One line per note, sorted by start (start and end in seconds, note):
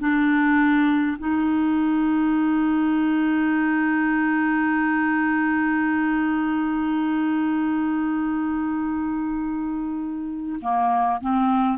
0.00 1.18 D4
1.19 10.60 D#4
10.62 11.21 A#3
11.21 11.79 C4